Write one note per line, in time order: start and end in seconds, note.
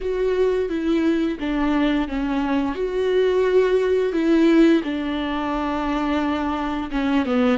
0.00 0.69 F#4
0.69 1.38 E4
1.39 2.08 D4
2.08 2.74 C#4
2.74 4.12 F#4
4.13 4.82 E4
4.83 6.90 D4
6.91 7.25 C#4
7.25 7.58 B3